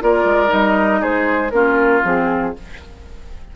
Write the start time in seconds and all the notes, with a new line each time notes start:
0.00 A#3 F4 A#4 D5
0.24 G#3
0.47 G3 D#4 D#5
1.01 G#3 G#4 C5
1.50 A#3 C#4 F4 A#4
2.03 F3 C4 G#4